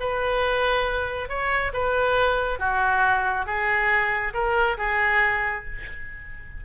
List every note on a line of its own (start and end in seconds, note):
0.00 1.29 B4
1.29 1.72 C#5
1.73 2.59 B4
2.59 3.46 F#4
3.46 4.33 G#4
4.34 4.77 A#4
4.78 5.65 G#4